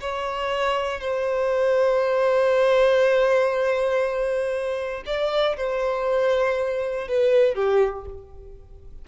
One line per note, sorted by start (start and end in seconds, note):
0.00 1.00 C#5
1.00 5.03 C5
5.05 5.56 D5
5.56 7.07 C5
7.07 7.54 B4
7.54 8.05 G4